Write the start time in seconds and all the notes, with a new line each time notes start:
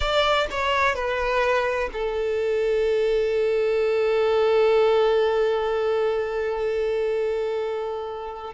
0.00 D5
0.50 C#5
0.95 B4
1.92 A4